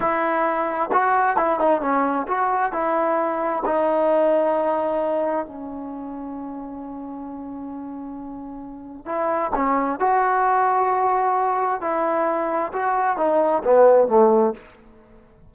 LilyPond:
\new Staff \with { instrumentName = "trombone" } { \time 4/4 \tempo 4 = 132 e'2 fis'4 e'8 dis'8 | cis'4 fis'4 e'2 | dis'1 | cis'1~ |
cis'1 | e'4 cis'4 fis'2~ | fis'2 e'2 | fis'4 dis'4 b4 a4 | }